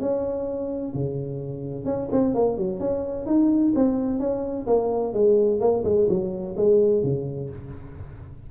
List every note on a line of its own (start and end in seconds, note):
0.00 0.93 C#4
0.93 1.85 C#3
1.85 2.08 C#4
2.12 2.35 C4
2.35 2.57 A#3
2.57 2.80 F#3
2.80 3.26 C#4
3.26 3.73 D#4
3.75 4.19 C4
4.19 4.66 C#4
4.66 5.13 A#3
5.13 5.60 G#3
5.60 5.83 A#3
5.84 6.07 G#3
6.09 6.56 F#3
6.56 7.02 G#3
7.02 7.49 C#3